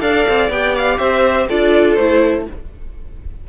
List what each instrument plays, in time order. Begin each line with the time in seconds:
0.00 cello D4, viola A4, violin D5 F5
0.28 cello C4
0.49 cello B3, viola G4, violin G5
0.76 violin F5
0.98 cello C4, violin C5 E5
1.47 cello D4, viola F4, violin A4 D5
1.95 cello A3, viola E4, violin C5